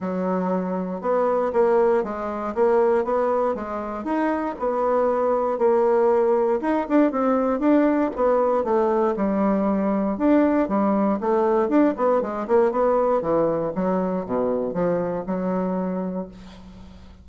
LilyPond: \new Staff \with { instrumentName = "bassoon" } { \time 4/4 \tempo 4 = 118 fis2 b4 ais4 | gis4 ais4 b4 gis4 | dis'4 b2 ais4~ | ais4 dis'8 d'8 c'4 d'4 |
b4 a4 g2 | d'4 g4 a4 d'8 b8 | gis8 ais8 b4 e4 fis4 | b,4 f4 fis2 | }